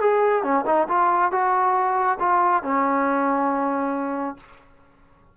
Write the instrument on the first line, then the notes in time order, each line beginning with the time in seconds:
trombone
0.00 G#4
0.43 C#4
0.66 D#4
0.88 F4
1.31 F#4
2.19 F4
2.63 C#4